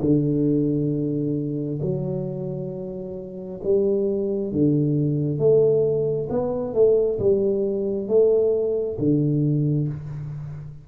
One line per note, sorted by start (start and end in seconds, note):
0.00 1.79 D3
1.81 3.60 F#3
3.63 4.51 G3
4.51 5.38 D3
5.38 6.28 A3
6.29 6.73 B3
6.73 7.18 A3
7.18 8.08 G3
8.08 8.97 A3
8.98 9.88 D3